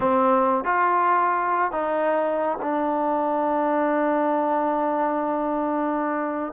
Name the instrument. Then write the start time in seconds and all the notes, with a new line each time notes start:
trombone
0.00 C4
0.64 F4
1.71 D#4
2.61 D4